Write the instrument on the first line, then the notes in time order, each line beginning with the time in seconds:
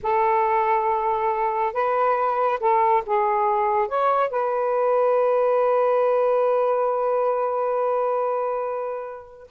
saxophone
0.03 A4
1.73 B4
2.60 A4
3.06 G#4
3.88 C#5
4.29 B4